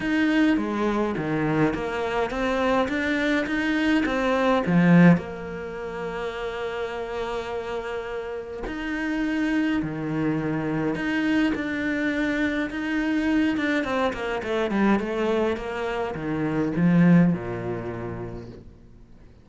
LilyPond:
\new Staff \with { instrumentName = "cello" } { \time 4/4 \tempo 4 = 104 dis'4 gis4 dis4 ais4 | c'4 d'4 dis'4 c'4 | f4 ais2.~ | ais2. dis'4~ |
dis'4 dis2 dis'4 | d'2 dis'4. d'8 | c'8 ais8 a8 g8 a4 ais4 | dis4 f4 ais,2 | }